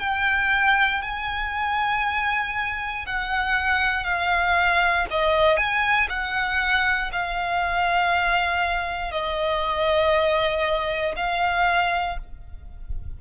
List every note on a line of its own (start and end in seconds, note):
0.00 1.02 G5
1.02 3.06 G#5
3.06 4.04 F#5
4.04 5.06 F5
5.11 5.57 D#5
5.57 6.08 G#5
6.10 7.11 F#5
7.12 9.12 F5
9.12 11.15 D#5
11.16 12.18 F5